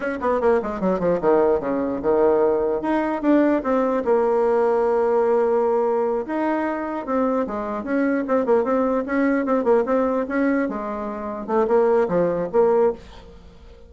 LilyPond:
\new Staff \with { instrumentName = "bassoon" } { \time 4/4 \tempo 4 = 149 cis'8 b8 ais8 gis8 fis8 f8 dis4 | cis4 dis2 dis'4 | d'4 c'4 ais2~ | ais2.~ ais8 dis'8~ |
dis'4. c'4 gis4 cis'8~ | cis'8 c'8 ais8 c'4 cis'4 c'8 | ais8 c'4 cis'4 gis4.~ | gis8 a8 ais4 f4 ais4 | }